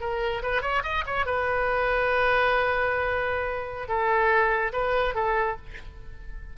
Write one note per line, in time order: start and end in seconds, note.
0.00 0.42 A#4
0.42 0.62 B4
0.62 0.83 C#5
0.83 1.04 D#5
1.06 1.26 C#5
1.26 3.88 B4
3.88 4.72 A4
4.73 5.14 B4
5.14 5.56 A4